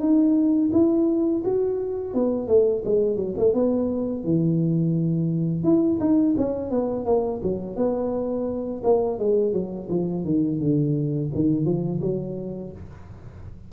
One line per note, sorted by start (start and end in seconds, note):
0.00 0.71 D#4
0.73 1.43 E4
1.45 2.14 F#4
2.14 2.48 B3
2.48 2.83 A3
2.85 3.17 G#3
3.17 3.34 F#3
3.38 3.54 A3
3.54 4.24 B3
4.24 5.64 E3
5.64 5.99 E4
6.00 6.36 D#4
6.38 6.71 C#4
6.71 7.06 B3
7.06 7.41 A#3
7.43 7.76 F#3
7.76 8.82 B3
8.84 9.19 A#3
9.19 9.53 G#3
9.53 9.89 F#3
9.89 10.24 F3
10.25 10.60 D#3
10.60 11.30 D3
11.35 11.66 D#3
11.66 12.01 F3
12.02 12.72 F#3